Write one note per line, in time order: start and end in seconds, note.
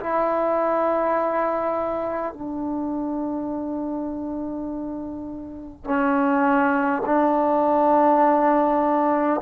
0.00 2.33 E4
2.33 5.84 D4
5.84 7.02 C#4
7.05 9.41 D4